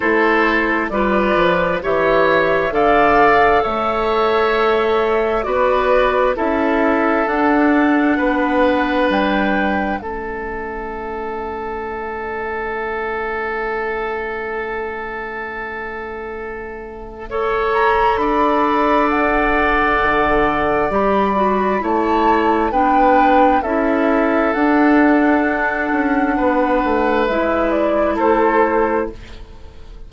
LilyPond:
<<
  \new Staff \with { instrumentName = "flute" } { \time 4/4 \tempo 4 = 66 c''4 d''4 e''4 f''4 | e''2 d''4 e''4 | fis''2 g''4 e''4~ | e''1~ |
e''2.~ e''8 ais''8 | b''4 fis''2 b''4 | a''4 g''4 e''4 fis''4~ | fis''2 e''8 d''8 c''4 | }
  \new Staff \with { instrumentName = "oboe" } { \time 4/4 a'4 b'4 cis''4 d''4 | cis''2 b'4 a'4~ | a'4 b'2 a'4~ | a'1~ |
a'2. cis''4 | d''1 | cis''4 b'4 a'2~ | a'4 b'2 a'4 | }
  \new Staff \with { instrumentName = "clarinet" } { \time 4/4 e'4 f'4 g'4 a'4~ | a'2 fis'4 e'4 | d'2. cis'4~ | cis'1~ |
cis'2. a'4~ | a'2. g'8 fis'8 | e'4 d'4 e'4 d'4~ | d'2 e'2 | }
  \new Staff \with { instrumentName = "bassoon" } { \time 4/4 a4 g8 f8 e4 d4 | a2 b4 cis'4 | d'4 b4 g4 a4~ | a1~ |
a1 | d'2 d4 g4 | a4 b4 cis'4 d'4~ | d'8 cis'8 b8 a8 gis4 a4 | }
>>